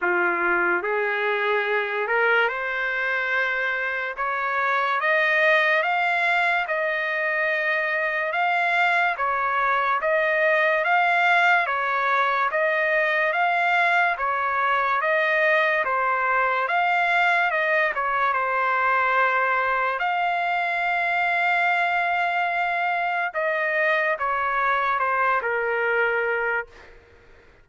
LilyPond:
\new Staff \with { instrumentName = "trumpet" } { \time 4/4 \tempo 4 = 72 f'4 gis'4. ais'8 c''4~ | c''4 cis''4 dis''4 f''4 | dis''2 f''4 cis''4 | dis''4 f''4 cis''4 dis''4 |
f''4 cis''4 dis''4 c''4 | f''4 dis''8 cis''8 c''2 | f''1 | dis''4 cis''4 c''8 ais'4. | }